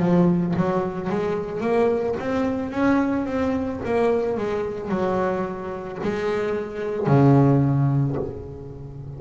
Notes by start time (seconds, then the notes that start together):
0.00 F3
0.57 F#3
1.10 G#3
1.61 A#3
2.20 C4
2.71 C#4
3.26 C4
3.85 A#3
4.37 G#3
4.89 F#3
6.03 G#3
7.07 C#3